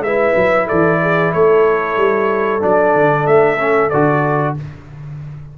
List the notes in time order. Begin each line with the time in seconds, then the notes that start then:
0.00 G#3 E4 B4 E5
0.35 F#3
0.67 E3 A4 D5
1.02 G#4
1.33 A3 A4 C#5
1.97 G3
2.60 F#3 D4 D5
2.95 D3
3.26 A3 E5
3.58 C#4
3.90 D3 F#4 D5